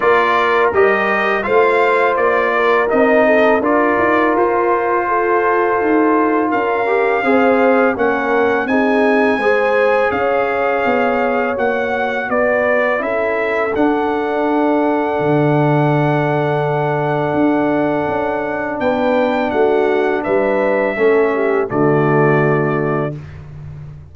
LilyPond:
<<
  \new Staff \with { instrumentName = "trumpet" } { \time 4/4 \tempo 4 = 83 d''4 dis''4 f''4 d''4 | dis''4 d''4 c''2~ | c''4 f''2 fis''4 | gis''2 f''2 |
fis''4 d''4 e''4 fis''4~ | fis''1~ | fis''2 g''4 fis''4 | e''2 d''2 | }
  \new Staff \with { instrumentName = "horn" } { \time 4/4 ais'2 c''4. ais'8~ | ais'8 a'8 ais'2 a'4~ | a'4 ais'4 c''4 ais'4 | gis'4 c''4 cis''2~ |
cis''4 b'4 a'2~ | a'1~ | a'2 b'4 fis'4 | b'4 a'8 g'8 fis'2 | }
  \new Staff \with { instrumentName = "trombone" } { \time 4/4 f'4 g'4 f'2 | dis'4 f'2.~ | f'4. g'8 gis'4 cis'4 | dis'4 gis'2. |
fis'2 e'4 d'4~ | d'1~ | d'1~ | d'4 cis'4 a2 | }
  \new Staff \with { instrumentName = "tuba" } { \time 4/4 ais4 g4 a4 ais4 | c'4 d'8 dis'8 f'2 | dis'4 cis'4 c'4 ais4 | c'4 gis4 cis'4 b4 |
ais4 b4 cis'4 d'4~ | d'4 d2. | d'4 cis'4 b4 a4 | g4 a4 d2 | }
>>